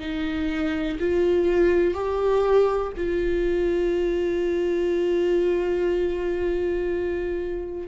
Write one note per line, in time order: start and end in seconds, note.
0.00 0.98 D#4
1.00 1.94 F4
1.94 2.92 G4
2.97 7.88 F4